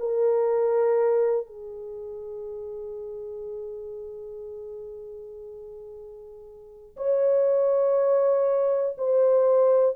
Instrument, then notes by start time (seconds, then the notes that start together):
horn
0.00 A#4
1.47 G#4
6.97 C#5
8.98 C5